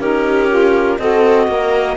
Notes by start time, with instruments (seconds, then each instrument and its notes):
0.00 cello C#4, saxophone D#4, viola G4, clarinet A#4
0.49 saxophone F4
0.98 cello C4, saxophone F#4, viola A4, clarinet D#5
1.48 cello A#3, viola A#4